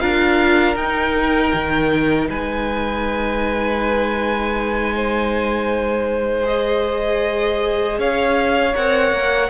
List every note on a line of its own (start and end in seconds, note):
0.00 0.76 D4
0.00 0.77 F4
0.00 2.28 A#4
0.00 0.76 F5
0.76 1.52 D#4
0.76 6.43 D#4
0.76 2.28 G5
1.54 2.30 D#3
2.30 7.99 G#3
2.30 4.96 B4
2.30 6.47 G#5
4.96 8.00 C5
6.43 8.71 G#4
6.43 7.98 D#5
7.99 8.75 C#4
7.99 9.50 C#5
7.99 8.76 F5
8.74 9.12 C4
8.74 9.50 A#4
8.74 9.50 F#5
9.12 9.50 A#3